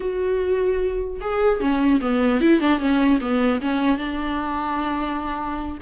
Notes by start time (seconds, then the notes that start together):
0.00 F#4
1.20 G#4
1.60 C#4
2.00 B3
2.41 E4
2.60 D4
2.79 C#4
3.20 B3
3.61 C#4
3.98 D4